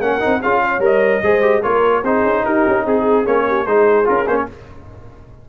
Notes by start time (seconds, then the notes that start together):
0.00 A#3 C#4 A#4 F#5
0.20 C4 D#4
0.41 C#4 F4 G#4 F5
0.63 C#5
0.79 G3 A#4 D#5
1.23 G#3 G#4 C5
1.42 G4
1.63 A#3 F4 A#4 C#5
2.03 C4 D#4 G#4 C5
2.23 C#4
2.45 D#4 G4 A#4
2.67 C#4
2.85 C4 G#4
3.26 A#3 C#4 C#5
3.48 G4
3.66 G#3 D#4 G#4 C5
4.05 C#4 F4 A#4
4.27 A#3 C#4 C5
4.36 C#5